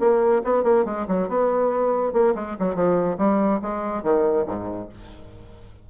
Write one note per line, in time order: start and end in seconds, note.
0.00 0.43 A#3
0.44 0.64 B3
0.64 0.85 A#3
0.85 1.06 G#3
1.08 1.29 F#3
1.29 2.13 B3
2.13 2.35 A#3
2.35 2.57 G#3
2.59 2.75 F#3
2.75 3.18 F3
3.18 3.61 G3
3.62 4.03 G#3
4.03 4.46 D#3
4.47 4.89 G#2